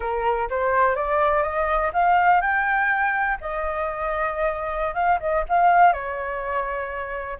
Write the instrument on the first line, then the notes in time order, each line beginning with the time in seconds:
flute
0.00 A#4
0.50 C5
0.95 D5
1.42 D#5
1.93 F5
2.41 G5
3.40 D#5
4.94 F5
5.20 D#5
5.49 F5
5.92 C#5